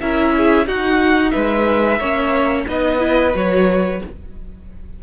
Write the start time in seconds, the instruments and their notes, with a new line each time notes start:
0.00 cello C#4, viola E4, violin A#4 E5
0.37 violin G#4
0.66 cello D#4, viola D#4, violin F#4 F#5
1.30 cello G#3, violin B4 E5
1.99 cello A#3, viola C#4, violin C#5
2.67 cello B3, viola D#4, violin B4 D#5
2.98 viola E4
3.34 cello F#3, viola F#4, violin C#5